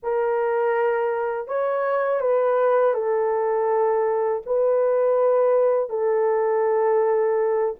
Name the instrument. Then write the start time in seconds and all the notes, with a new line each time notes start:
horn
0.02 A#4
1.47 C#5
2.20 B4
2.94 A4
4.45 B4
5.89 A4